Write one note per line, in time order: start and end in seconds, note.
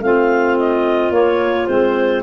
0.00 1.10 A3
0.00 1.12 C4
0.00 2.23 F4
0.00 0.57 F5
0.59 1.12 D#5
1.10 1.66 A#3
1.10 1.68 A#3
1.10 1.66 C#5
1.66 2.23 G#3
1.66 2.23 C4
1.66 2.22 C5